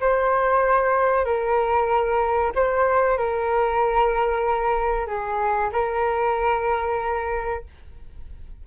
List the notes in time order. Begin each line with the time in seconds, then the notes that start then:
0.00 C5
1.24 A#4
2.55 C5
3.17 A#4
5.07 G#4
5.72 A#4